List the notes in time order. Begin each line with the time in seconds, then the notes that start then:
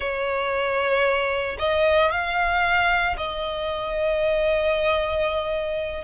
0.00 C#5
1.58 D#5
2.11 F5
3.17 D#5